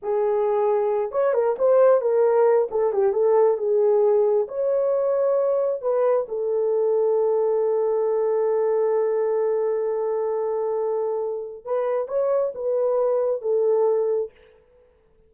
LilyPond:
\new Staff \with { instrumentName = "horn" } { \time 4/4 \tempo 4 = 134 gis'2~ gis'8 cis''8 ais'8 c''8~ | c''8 ais'4. a'8 g'8 a'4 | gis'2 cis''2~ | cis''4 b'4 a'2~ |
a'1~ | a'1~ | a'2 b'4 cis''4 | b'2 a'2 | }